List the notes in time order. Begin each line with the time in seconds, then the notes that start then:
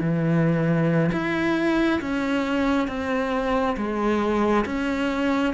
0.00 E3
1.12 E4
2.01 C#4
2.88 C4
3.77 G#3
4.65 C#4